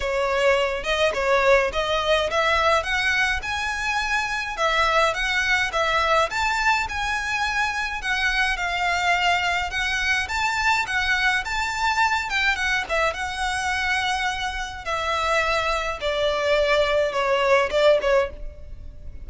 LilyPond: \new Staff \with { instrumentName = "violin" } { \time 4/4 \tempo 4 = 105 cis''4. dis''8 cis''4 dis''4 | e''4 fis''4 gis''2 | e''4 fis''4 e''4 a''4 | gis''2 fis''4 f''4~ |
f''4 fis''4 a''4 fis''4 | a''4. g''8 fis''8 e''8 fis''4~ | fis''2 e''2 | d''2 cis''4 d''8 cis''8 | }